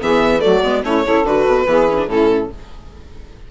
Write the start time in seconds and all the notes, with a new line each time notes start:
0.00 E3 B3 G#4 E5
0.39 A3 F#4 D5
0.45 F#3
0.63 G#3 B3
0.83 A3 C#4 E4 C#5
1.04 C#3 E4 A4
1.24 D3 F#4 B4
1.47 B2
1.66 E3 B3 G#4
1.89 C#4
1.98 D4
2.06 A2 C#4 E4 A4